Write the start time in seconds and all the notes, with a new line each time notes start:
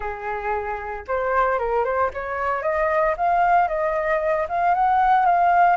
0.00 G#4
1.07 C5
1.58 A#4
1.84 C5
2.13 C#5
2.62 D#5
3.17 F5
3.67 D#5
4.49 F5
4.74 F#5
5.25 F5